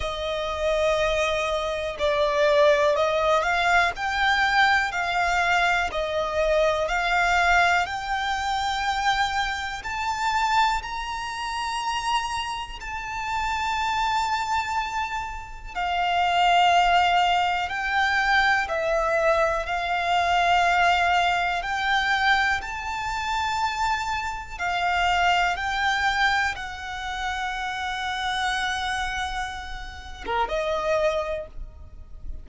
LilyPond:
\new Staff \with { instrumentName = "violin" } { \time 4/4 \tempo 4 = 61 dis''2 d''4 dis''8 f''8 | g''4 f''4 dis''4 f''4 | g''2 a''4 ais''4~ | ais''4 a''2. |
f''2 g''4 e''4 | f''2 g''4 a''4~ | a''4 f''4 g''4 fis''4~ | fis''2~ fis''8. ais'16 dis''4 | }